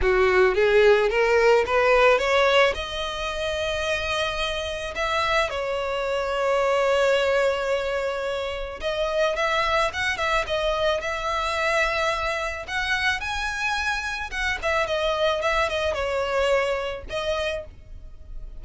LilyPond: \new Staff \with { instrumentName = "violin" } { \time 4/4 \tempo 4 = 109 fis'4 gis'4 ais'4 b'4 | cis''4 dis''2.~ | dis''4 e''4 cis''2~ | cis''1 |
dis''4 e''4 fis''8 e''8 dis''4 | e''2. fis''4 | gis''2 fis''8 e''8 dis''4 | e''8 dis''8 cis''2 dis''4 | }